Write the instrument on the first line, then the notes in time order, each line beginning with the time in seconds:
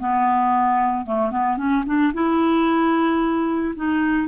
clarinet
0.00 B3
1.06 A3
1.31 B3
1.58 C#4
1.87 D4
2.14 E4
3.76 D#4